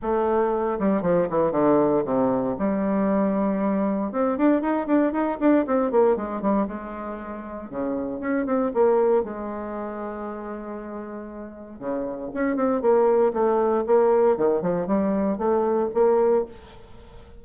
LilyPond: \new Staff \with { instrumentName = "bassoon" } { \time 4/4 \tempo 4 = 117 a4. g8 f8 e8 d4 | c4 g2. | c'8 d'8 dis'8 d'8 dis'8 d'8 c'8 ais8 | gis8 g8 gis2 cis4 |
cis'8 c'8 ais4 gis2~ | gis2. cis4 | cis'8 c'8 ais4 a4 ais4 | dis8 f8 g4 a4 ais4 | }